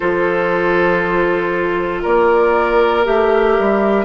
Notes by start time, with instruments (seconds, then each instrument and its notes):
0.00 bassoon F3, clarinet F4, oboe A4, flute C5
2.02 bassoon A#3, oboe A#4, flute D5
3.04 bassoon A3, clarinet G4, flute E5
3.58 bassoon G3